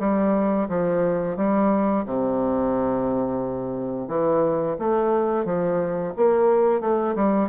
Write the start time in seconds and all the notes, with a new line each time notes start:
0.00 G3
0.69 F3
1.37 G3
2.06 C3
4.08 E3
4.79 A3
5.45 F3
6.17 A#3
6.81 A3
7.16 G3